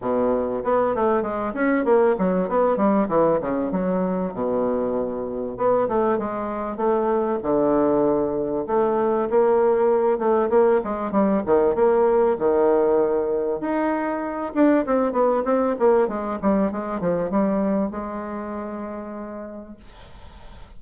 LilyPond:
\new Staff \with { instrumentName = "bassoon" } { \time 4/4 \tempo 4 = 97 b,4 b8 a8 gis8 cis'8 ais8 fis8 | b8 g8 e8 cis8 fis4 b,4~ | b,4 b8 a8 gis4 a4 | d2 a4 ais4~ |
ais8 a8 ais8 gis8 g8 dis8 ais4 | dis2 dis'4. d'8 | c'8 b8 c'8 ais8 gis8 g8 gis8 f8 | g4 gis2. | }